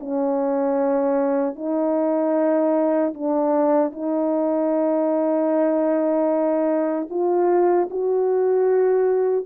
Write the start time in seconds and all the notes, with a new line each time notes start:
0.00 C#4
1.56 D#4
3.14 D4
3.92 D#4
7.10 F4
7.91 F#4